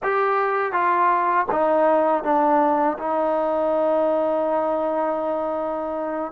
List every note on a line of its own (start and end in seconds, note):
0.02 0.72 G4
0.72 1.46 F4
1.51 2.23 D#4
2.23 2.97 D4
2.98 6.32 D#4